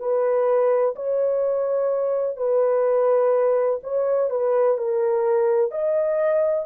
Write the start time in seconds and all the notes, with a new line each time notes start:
0.00 B4
0.96 C#5
2.37 B4
3.84 C#5
4.30 B4
4.78 A#4
5.71 D#5